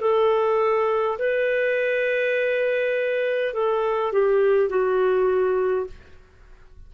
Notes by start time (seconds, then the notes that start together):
0.00 A4
1.18 B4
3.53 A4
4.12 G4
4.69 F#4